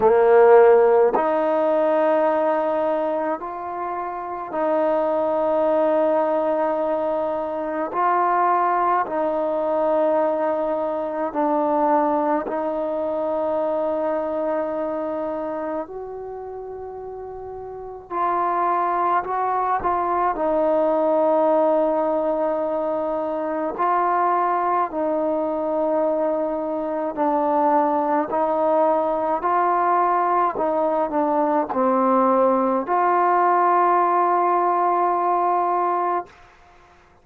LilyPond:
\new Staff \with { instrumentName = "trombone" } { \time 4/4 \tempo 4 = 53 ais4 dis'2 f'4 | dis'2. f'4 | dis'2 d'4 dis'4~ | dis'2 fis'2 |
f'4 fis'8 f'8 dis'2~ | dis'4 f'4 dis'2 | d'4 dis'4 f'4 dis'8 d'8 | c'4 f'2. | }